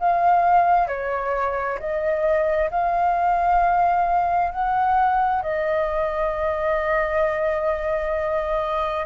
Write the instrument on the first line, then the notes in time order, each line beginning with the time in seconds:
flute
0.00 F5
0.88 C#5
1.79 D#5
2.71 F5
4.52 F#5
5.43 D#5